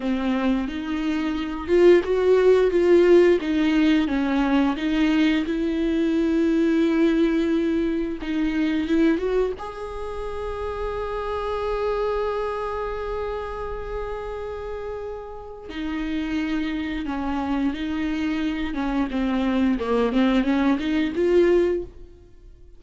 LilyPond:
\new Staff \with { instrumentName = "viola" } { \time 4/4 \tempo 4 = 88 c'4 dis'4. f'8 fis'4 | f'4 dis'4 cis'4 dis'4 | e'1 | dis'4 e'8 fis'8 gis'2~ |
gis'1~ | gis'2. dis'4~ | dis'4 cis'4 dis'4. cis'8 | c'4 ais8 c'8 cis'8 dis'8 f'4 | }